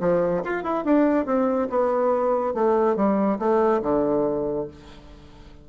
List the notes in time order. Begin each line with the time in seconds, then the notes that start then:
0.00 F3
0.44 F4
0.63 E4
0.84 D4
1.26 C4
1.70 B3
2.54 A3
2.96 G3
3.39 A3
3.82 D3